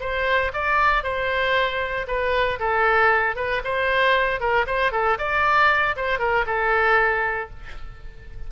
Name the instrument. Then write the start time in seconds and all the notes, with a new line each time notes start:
oboe
0.00 C5
0.53 D5
1.03 C5
2.07 B4
2.59 A4
3.36 B4
3.64 C5
4.40 A#4
4.66 C5
4.92 A4
5.18 D5
5.96 C5
6.19 A#4
6.46 A4